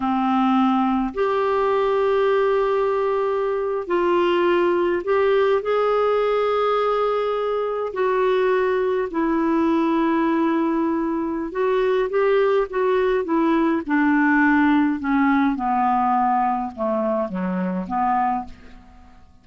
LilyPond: \new Staff \with { instrumentName = "clarinet" } { \time 4/4 \tempo 4 = 104 c'2 g'2~ | g'2~ g'8. f'4~ f'16~ | f'8. g'4 gis'2~ gis'16~ | gis'4.~ gis'16 fis'2 e'16~ |
e'1 | fis'4 g'4 fis'4 e'4 | d'2 cis'4 b4~ | b4 a4 fis4 b4 | }